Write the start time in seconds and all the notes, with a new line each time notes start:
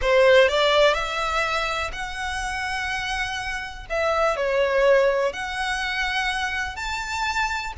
0.01 C5
0.48 D5
0.93 E5
1.92 F#5
3.89 E5
4.36 C#5
5.32 F#5
6.76 A5